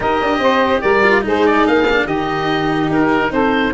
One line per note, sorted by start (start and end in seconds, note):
0.00 0.19 D#4
0.00 1.03 G4
0.00 0.38 A#4
0.00 0.81 D#5
0.20 0.38 D4
0.38 0.80 C4
0.38 0.82 C5
0.81 1.24 G3
0.81 1.23 A#4
0.81 1.22 D5
1.03 1.21 F4
1.21 1.66 G#3
1.21 1.84 D#4
1.21 2.04 G#4
1.27 1.46 C5
1.46 1.66 D5
1.66 2.06 A#3
1.66 2.07 F5
1.90 2.08 D4
2.04 2.89 D#3
2.04 3.74 D#4
2.04 3.29 G4
2.04 2.90 D#5
2.89 3.31 D#4
2.89 3.32 A#4
3.31 3.72 C4
3.31 3.74 A4
3.31 3.74 C5